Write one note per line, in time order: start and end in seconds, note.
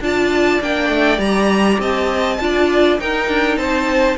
0.00 0.59 D4
0.00 0.61 F4
0.00 1.80 D5
0.00 0.62 A5
0.60 0.89 A#3
0.60 1.16 D4
0.60 1.20 G5
0.89 1.18 A3
1.16 1.77 G3
1.16 2.35 G4
1.16 1.79 A#5
1.79 2.38 C4
1.79 2.39 D#5
1.79 2.99 A5
2.40 2.99 D4
2.40 2.98 F4
2.40 3.00 D5
2.98 4.17 D#4
2.98 3.28 D#4
2.98 3.58 A#4
2.98 3.57 G5
3.28 3.56 D4
3.56 4.16 C4
3.56 4.17 C5
3.56 4.16 A5